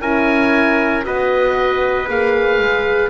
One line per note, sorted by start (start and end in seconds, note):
0.00 1.03 C#4
0.00 1.03 E4
0.00 1.04 A#4
0.00 1.04 G#5
1.03 2.07 B3
1.03 2.06 F#4
1.03 3.10 B4
1.03 2.09 D#5
2.08 2.58 A#3
2.08 3.10 G#4
2.08 3.10 F5
2.58 3.10 G#3